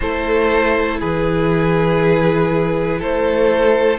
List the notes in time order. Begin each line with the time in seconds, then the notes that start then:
0.00 A3 E4 A4 C5
1.00 E3 G#4 B4
2.99 A3 A4 C5